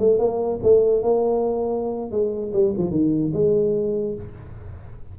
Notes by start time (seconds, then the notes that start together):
0.00 A3
0.19 A#3
0.63 A3
1.03 A#3
2.12 G#3
2.53 G3
2.78 F3
2.91 D#3
3.33 G#3